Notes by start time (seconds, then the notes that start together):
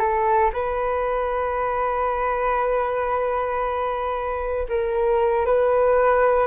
0.00 A4
0.54 B4
4.69 A#4
5.46 B4